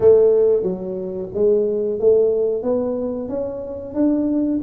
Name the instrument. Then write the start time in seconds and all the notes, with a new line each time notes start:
tuba
0.00 A3
0.62 F#3
1.34 G#3
1.99 A3
2.63 B3
3.28 C#4
3.94 D4